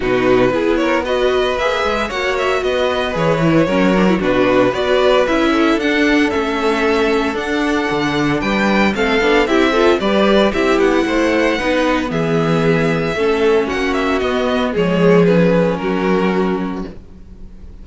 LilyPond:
<<
  \new Staff \with { instrumentName = "violin" } { \time 4/4 \tempo 4 = 114 b'4. cis''8 dis''4 e''4 | fis''8 e''8 dis''4 cis''2 | b'4 d''4 e''4 fis''4 | e''2 fis''2 |
g''4 f''4 e''4 d''4 | e''8 fis''2~ fis''8 e''4~ | e''2 fis''8 e''8 dis''4 | cis''4 b'4 ais'2 | }
  \new Staff \with { instrumentName = "violin" } { \time 4/4 fis'4 gis'8 ais'8 b'2 | cis''4 b'2 ais'4 | fis'4 b'4. a'4.~ | a'1 |
b'4 a'4 g'8 a'8 b'4 | g'4 c''4 b'4 gis'4~ | gis'4 a'4 fis'2 | gis'2 fis'2 | }
  \new Staff \with { instrumentName = "viola" } { \time 4/4 dis'4 e'4 fis'4 gis'4 | fis'2 gis'8 e'8 cis'8 d'16 e'16 | d'4 fis'4 e'4 d'4 | cis'2 d'2~ |
d'4 c'8 d'8 e'8 f'8 g'4 | e'2 dis'4 b4~ | b4 cis'2 b4 | gis4 cis'2. | }
  \new Staff \with { instrumentName = "cello" } { \time 4/4 b,4 b2 ais8 gis8 | ais4 b4 e4 fis4 | b,4 b4 cis'4 d'4 | a2 d'4 d4 |
g4 a8 b8 c'4 g4 | c'8 b8 a4 b4 e4~ | e4 a4 ais4 b4 | f2 fis2 | }
>>